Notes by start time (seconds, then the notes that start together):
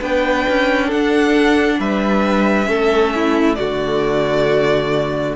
0.00 B3 D4 B4 G5
0.48 C#4
0.87 D4 A4 F#5
1.79 G3 B4 E5
2.66 A3 C#4 A4
3.15 E4
3.55 D3 A3 F#4 D5